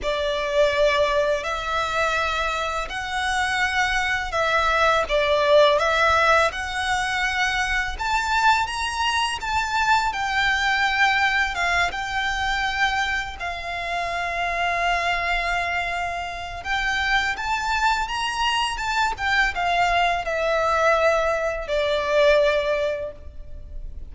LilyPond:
\new Staff \with { instrumentName = "violin" } { \time 4/4 \tempo 4 = 83 d''2 e''2 | fis''2 e''4 d''4 | e''4 fis''2 a''4 | ais''4 a''4 g''2 |
f''8 g''2 f''4.~ | f''2. g''4 | a''4 ais''4 a''8 g''8 f''4 | e''2 d''2 | }